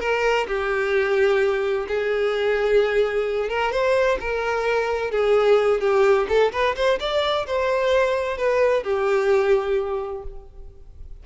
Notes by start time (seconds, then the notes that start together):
0.00 A#4
0.47 G4
1.88 G#4
3.49 A#4
3.72 C5
4.21 A#4
5.11 G#4
5.81 G4
6.29 A4
6.52 B4
6.76 C5
7.00 D5
7.47 C5
8.38 B4
8.84 G4